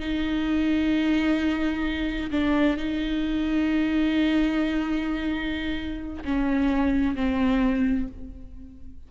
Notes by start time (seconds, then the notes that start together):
0.00 D#4
2.31 D4
2.77 D#4
6.25 C#4
7.15 C4